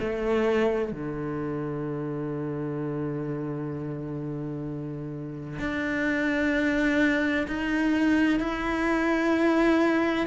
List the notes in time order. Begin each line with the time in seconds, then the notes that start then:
0.00 A3
0.92 D3
5.60 D4
7.48 D#4
8.40 E4